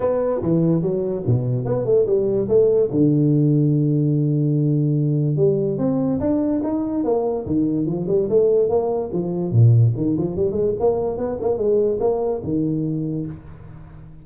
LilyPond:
\new Staff \with { instrumentName = "tuba" } { \time 4/4 \tempo 4 = 145 b4 e4 fis4 b,4 | b8 a8 g4 a4 d4~ | d1~ | d4 g4 c'4 d'4 |
dis'4 ais4 dis4 f8 g8 | a4 ais4 f4 ais,4 | dis8 f8 g8 gis8 ais4 b8 ais8 | gis4 ais4 dis2 | }